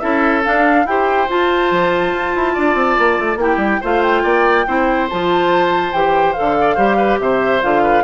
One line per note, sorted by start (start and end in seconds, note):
0.00 0.45 C#4
0.00 0.44 E4
0.00 0.87 A4
0.00 0.42 E5
0.44 0.86 D4
0.44 0.87 F5
0.86 1.28 E4
0.86 1.29 G4
0.86 2.54 C5
0.86 1.29 G5
1.29 3.39 F4
1.29 1.72 F4
1.29 3.41 A5
1.72 2.13 F3
2.13 2.34 F4
2.36 2.57 E4
2.54 2.75 D4
2.54 3.39 D5
2.75 2.96 C4
2.99 3.19 A#3
3.19 3.37 A3
3.37 3.57 A#3
3.37 3.82 E4
3.37 3.81 G4
3.37 3.83 G5
3.57 3.78 G3
3.81 4.24 A3
3.81 4.67 F4
3.81 4.23 C5
3.81 4.03 F5
4.03 5.09 G5
4.24 4.67 A#3
4.24 4.66 D5
4.67 5.10 C4
4.67 5.09 E4
4.67 6.58 C5
5.10 5.93 F3
5.10 5.94 F4
5.10 5.93 A5
5.93 6.36 E3
5.93 6.36 G4
5.93 6.33 G5
6.33 6.77 A4
6.33 7.18 F5
6.40 6.77 D3
6.61 6.76 D5
6.76 7.20 G3
6.76 7.62 G4
6.76 6.97 C5
6.98 7.19 B4
7.20 7.62 C3
7.20 7.83 C5
7.20 7.62 E5
7.62 8.04 D3
7.62 8.04 F4
7.62 8.04 F5
7.83 8.04 B4